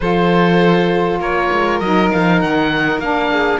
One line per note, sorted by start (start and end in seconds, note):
0.00 1.19 F3
0.00 1.82 F4
0.00 1.19 A4
0.00 1.18 C5
1.19 1.49 A#3
1.19 3.29 A#4
1.19 1.79 C#5
1.52 1.80 G#3
1.79 2.10 F#3
1.79 3.02 D#4
1.79 2.09 D#5
2.11 2.43 F3
2.11 2.41 F5
2.41 2.98 D#3
2.41 3.00 F#5
2.98 3.58 A#3
2.98 3.60 D4
2.98 3.60 F5
3.31 3.60 G#4